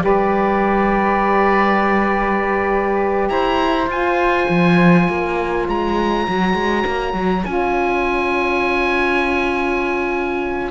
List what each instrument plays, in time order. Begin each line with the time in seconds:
0.00 cello G3, saxophone G4, flute B4, oboe D5
3.29 cello E4, flute C5, oboe A#5
3.87 cello F4, saxophone F4, oboe G#5
4.49 cello F3
5.07 cello A#3, flute C#5
5.68 cello G#3, oboe A#5
6.28 cello F#3, saxophone F#4
6.54 cello G#3
6.86 cello A#3
7.13 cello F#3
7.45 cello C#4, saxophone F4, oboe G#5